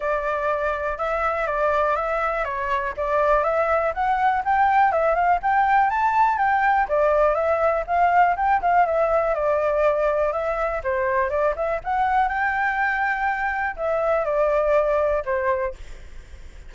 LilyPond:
\new Staff \with { instrumentName = "flute" } { \time 4/4 \tempo 4 = 122 d''2 e''4 d''4 | e''4 cis''4 d''4 e''4 | fis''4 g''4 e''8 f''8 g''4 | a''4 g''4 d''4 e''4 |
f''4 g''8 f''8 e''4 d''4~ | d''4 e''4 c''4 d''8 e''8 | fis''4 g''2. | e''4 d''2 c''4 | }